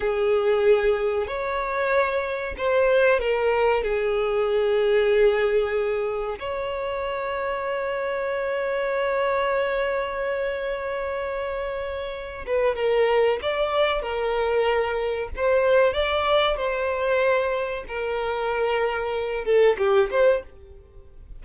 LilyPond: \new Staff \with { instrumentName = "violin" } { \time 4/4 \tempo 4 = 94 gis'2 cis''2 | c''4 ais'4 gis'2~ | gis'2 cis''2~ | cis''1~ |
cis''2.~ cis''8 b'8 | ais'4 d''4 ais'2 | c''4 d''4 c''2 | ais'2~ ais'8 a'8 g'8 c''8 | }